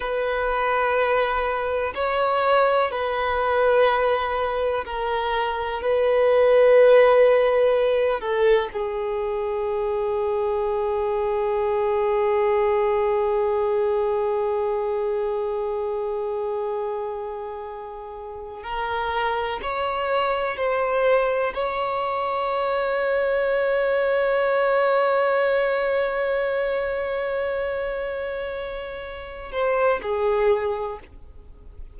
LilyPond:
\new Staff \with { instrumentName = "violin" } { \time 4/4 \tempo 4 = 62 b'2 cis''4 b'4~ | b'4 ais'4 b'2~ | b'8 a'8 gis'2.~ | gis'1~ |
gis'2.~ gis'16 ais'8.~ | ais'16 cis''4 c''4 cis''4.~ cis''16~ | cis''1~ | cis''2~ cis''8 c''8 gis'4 | }